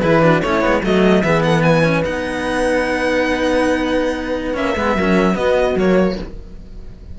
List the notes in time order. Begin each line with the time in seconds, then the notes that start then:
0.00 E3 E4 G#4 B4
0.22 D4 F#4
0.41 A3 C#4 E4 C#5
0.61 G#3 B3
0.82 F#3 A3 F#4 D#5
1.22 E3 B3 G#4 E5
1.42 A4 F#5
1.62 B4 G#5
1.83 C#4
2.04 B3 D#4 F#5
4.54 A#3 C#4 E5
4.77 G#3 B3
4.95 F#3 C#4 A#4
5.34 B3 F#4 D#5
5.75 F#3 A#3 C#5